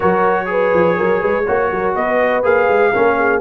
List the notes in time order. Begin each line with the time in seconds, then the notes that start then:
0.00 F#3 F#4 A#4 C#5
0.45 G#4 B4
0.73 F3
0.97 F#3 A#4
1.20 G#3 B4
1.46 A#3 F#4 C#5
1.71 F#3 A#4
1.95 B3 B4 D#5
2.43 A#3 G#4 F5
2.68 G#3
2.93 A#3 C#4 A#4
3.17 G#4